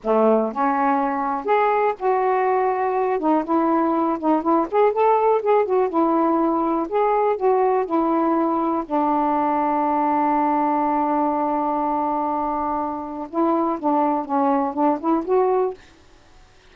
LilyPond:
\new Staff \with { instrumentName = "saxophone" } { \time 4/4 \tempo 4 = 122 a4 cis'2 gis'4 | fis'2~ fis'8 dis'8 e'4~ | e'8 dis'8 e'8 gis'8 a'4 gis'8 fis'8 | e'2 gis'4 fis'4 |
e'2 d'2~ | d'1~ | d'2. e'4 | d'4 cis'4 d'8 e'8 fis'4 | }